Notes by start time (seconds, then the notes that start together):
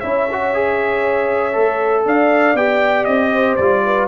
0.00 C#4 E4 C#5 E5
0.32 F#4
0.54 G#4
1.53 A3 A4
2.06 D4 D5 F5
2.54 B3 G4 G5
3.04 C4 D#5
3.31 C5
3.56 G3 F4 D5
3.84 B4